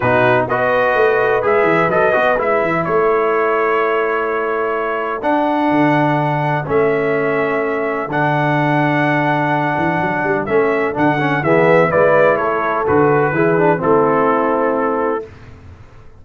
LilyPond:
<<
  \new Staff \with { instrumentName = "trumpet" } { \time 4/4 \tempo 4 = 126 b'4 dis''2 e''4 | dis''4 e''4 cis''2~ | cis''2. fis''4~ | fis''2 e''2~ |
e''4 fis''2.~ | fis''2 e''4 fis''4 | e''4 d''4 cis''4 b'4~ | b'4 a'2. | }
  \new Staff \with { instrumentName = "horn" } { \time 4/4 fis'4 b'2.~ | b'2 a'2~ | a'1~ | a'1~ |
a'1~ | a'1 | gis'4 b'4 a'2 | gis'4 e'2. | }
  \new Staff \with { instrumentName = "trombone" } { \time 4/4 dis'4 fis'2 gis'4 | a'8 fis'8 e'2.~ | e'2. d'4~ | d'2 cis'2~ |
cis'4 d'2.~ | d'2 cis'4 d'8 cis'8 | b4 e'2 fis'4 | e'8 d'8 c'2. | }
  \new Staff \with { instrumentName = "tuba" } { \time 4/4 b,4 b4 a4 gis8 e8 | fis8 b8 gis8 e8 a2~ | a2. d'4 | d2 a2~ |
a4 d2.~ | d8 e8 fis8 g8 a4 d4 | e4 gis4 a4 d4 | e4 a2. | }
>>